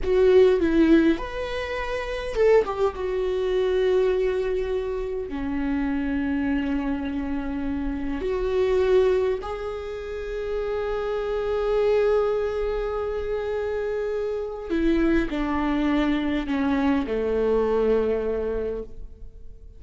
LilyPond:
\new Staff \with { instrumentName = "viola" } { \time 4/4 \tempo 4 = 102 fis'4 e'4 b'2 | a'8 g'8 fis'2.~ | fis'4 cis'2.~ | cis'2 fis'2 |
gis'1~ | gis'1~ | gis'4 e'4 d'2 | cis'4 a2. | }